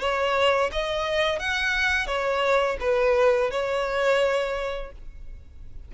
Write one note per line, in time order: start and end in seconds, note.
0.00 0.71 C#5
0.73 1.40 D#5
1.40 2.07 F#5
2.07 2.78 C#5
2.80 3.51 B4
3.51 4.92 C#5